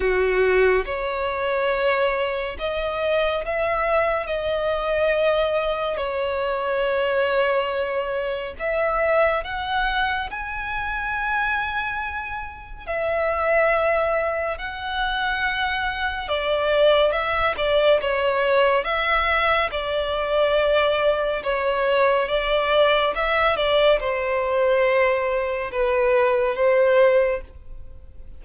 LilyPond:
\new Staff \with { instrumentName = "violin" } { \time 4/4 \tempo 4 = 70 fis'4 cis''2 dis''4 | e''4 dis''2 cis''4~ | cis''2 e''4 fis''4 | gis''2. e''4~ |
e''4 fis''2 d''4 | e''8 d''8 cis''4 e''4 d''4~ | d''4 cis''4 d''4 e''8 d''8 | c''2 b'4 c''4 | }